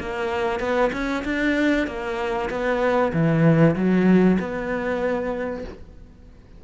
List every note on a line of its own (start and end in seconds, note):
0.00 0.60 A#3
0.60 0.91 B3
0.93 1.24 C#4
1.25 1.87 D4
1.87 2.50 A#3
2.50 3.12 B3
3.13 3.76 E3
3.76 4.38 F#3
4.39 5.64 B3